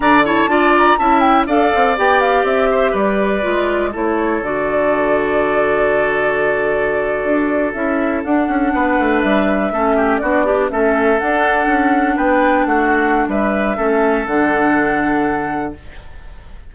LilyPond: <<
  \new Staff \with { instrumentName = "flute" } { \time 4/4 \tempo 4 = 122 ais''8 a''4 ais''8 a''8 g''8 f''4 | g''8 f''8 e''4 d''2 | cis''4 d''2.~ | d''2.~ d''8. e''16~ |
e''8. fis''2 e''4~ e''16~ | e''8. d''4 e''4 fis''4~ fis''16~ | fis''8. g''4 fis''4~ fis''16 e''4~ | e''4 fis''2. | }
  \new Staff \with { instrumentName = "oboe" } { \time 4/4 d''8 cis''8 d''4 e''4 d''4~ | d''4. c''8 b'2 | a'1~ | a'1~ |
a'4.~ a'16 b'2 a'16~ | a'16 g'8 fis'8 d'8 a'2~ a'16~ | a'8. b'4 fis'4~ fis'16 b'4 | a'1 | }
  \new Staff \with { instrumentName = "clarinet" } { \time 4/4 d'8 e'8 f'4 e'4 a'4 | g'2. f'4 | e'4 fis'2.~ | fis'2.~ fis'8. e'16~ |
e'8. d'2. cis'16~ | cis'8. d'8 g'8 cis'4 d'4~ d'16~ | d'1 | cis'4 d'2. | }
  \new Staff \with { instrumentName = "bassoon" } { \time 4/4 d4 d'4 cis'4 d'8 c'8 | b4 c'4 g4 gis4 | a4 d2.~ | d2~ d8. d'4 cis'16~ |
cis'8. d'8 cis'8 b8 a8 g4 a16~ | a8. b4 a4 d'4 cis'16~ | cis'8. b4 a4~ a16 g4 | a4 d2. | }
>>